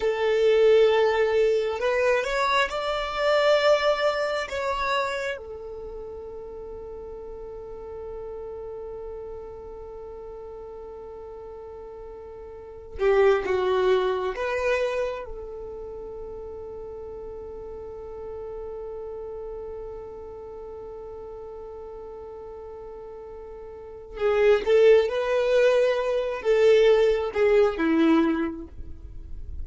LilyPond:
\new Staff \with { instrumentName = "violin" } { \time 4/4 \tempo 4 = 67 a'2 b'8 cis''8 d''4~ | d''4 cis''4 a'2~ | a'1~ | a'2~ a'8 g'8 fis'4 |
b'4 a'2.~ | a'1~ | a'2. gis'8 a'8 | b'4. a'4 gis'8 e'4 | }